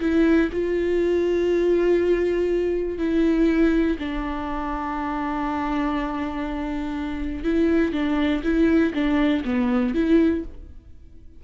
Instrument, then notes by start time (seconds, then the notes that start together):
viola
0.00 E4
0.52 F4
2.98 E4
3.99 D4
7.44 E4
7.93 D4
8.43 E4
8.94 D4
9.44 B3
9.94 E4